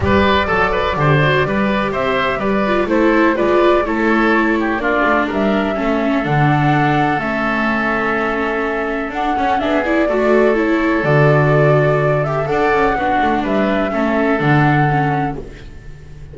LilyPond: <<
  \new Staff \with { instrumentName = "flute" } { \time 4/4 \tempo 4 = 125 d''1 | e''4 d''4 c''4 d''4 | cis''2 d''4 e''4~ | e''4 fis''2 e''4~ |
e''2. fis''4 | e''8 d''4. cis''4 d''4~ | d''4. e''8 fis''2 | e''2 fis''2 | }
  \new Staff \with { instrumentName = "oboe" } { \time 4/4 b'4 a'8 b'8 c''4 b'4 | c''4 b'4 a'4 b'4 | a'4. g'8 f'4 ais'4 | a'1~ |
a'1 | gis'4 a'2.~ | a'2 d''4 fis'4 | b'4 a'2. | }
  \new Staff \with { instrumentName = "viola" } { \time 4/4 g'4 a'4 g'8 fis'8 g'4~ | g'4. f'8 e'4 f'4 | e'2 d'2 | cis'4 d'2 cis'4~ |
cis'2. d'8 cis'8 | d'8 e'8 fis'4 e'4 fis'4~ | fis'4. g'8 a'4 d'4~ | d'4 cis'4 d'4 cis'4 | }
  \new Staff \with { instrumentName = "double bass" } { \time 4/4 g4 fis4 d4 g4 | c'4 g4 a4 gis4 | a2 ais8 a8 g4 | a4 d2 a4~ |
a2. d'8 cis'8 | b4 a2 d4~ | d2 d'8 cis'8 b8 a8 | g4 a4 d2 | }
>>